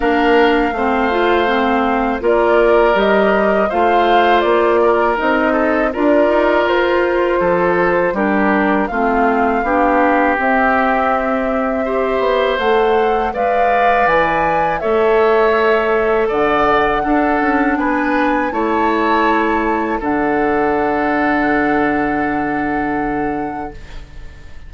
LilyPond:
<<
  \new Staff \with { instrumentName = "flute" } { \time 4/4 \tempo 4 = 81 f''2. d''4 | dis''4 f''4 d''4 dis''4 | d''4 c''2 ais'4 | f''2 e''2~ |
e''4 fis''4 f''4 gis''4 | e''2 fis''2 | gis''4 a''2 fis''4~ | fis''1 | }
  \new Staff \with { instrumentName = "oboe" } { \time 4/4 ais'4 c''2 ais'4~ | ais'4 c''4. ais'4 a'8 | ais'2 a'4 g'4 | f'4 g'2. |
c''2 d''2 | cis''2 d''4 a'4 | b'4 cis''2 a'4~ | a'1 | }
  \new Staff \with { instrumentName = "clarinet" } { \time 4/4 d'4 c'8 f'8 c'4 f'4 | g'4 f'2 dis'4 | f'2. d'4 | c'4 d'4 c'2 |
g'4 a'4 b'2 | a'2. d'4~ | d'4 e'2 d'4~ | d'1 | }
  \new Staff \with { instrumentName = "bassoon" } { \time 4/4 ais4 a2 ais4 | g4 a4 ais4 c'4 | d'8 dis'8 f'4 f4 g4 | a4 b4 c'2~ |
c'8 b8 a4 gis4 e4 | a2 d4 d'8 cis'8 | b4 a2 d4~ | d1 | }
>>